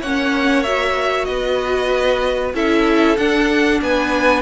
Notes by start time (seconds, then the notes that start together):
0.00 A#3 C#4 C#5 F#5
0.63 F#4 E5
1.24 B3 B4 D#5
2.54 C#4 E4 A4 E5
3.17 D4 F#5
3.81 B3 B4 G#5